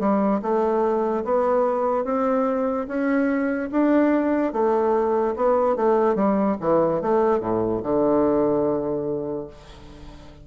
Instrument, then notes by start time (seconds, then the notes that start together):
bassoon
0.00 G3
0.42 A3
1.24 B3
2.05 C4
2.88 C#4
3.72 D4
4.53 A3
5.36 B3
5.76 A3
6.15 G3
6.61 E3
7.02 A3
7.40 A2
7.83 D3